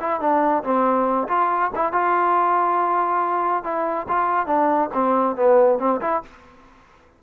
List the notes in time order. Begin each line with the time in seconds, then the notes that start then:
0.00 E4
0.20 D4
0.64 C4
1.28 F4
1.75 E4
1.93 F4
3.64 E4
4.09 F4
4.47 D4
4.94 C4
5.36 B3
5.79 C4
6.01 E4